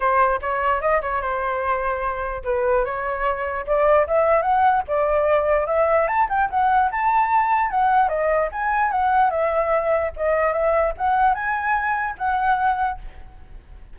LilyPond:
\new Staff \with { instrumentName = "flute" } { \time 4/4 \tempo 4 = 148 c''4 cis''4 dis''8 cis''8 c''4~ | c''2 b'4 cis''4~ | cis''4 d''4 e''4 fis''4 | d''2 e''4 a''8 g''8 |
fis''4 a''2 fis''4 | dis''4 gis''4 fis''4 e''4~ | e''4 dis''4 e''4 fis''4 | gis''2 fis''2 | }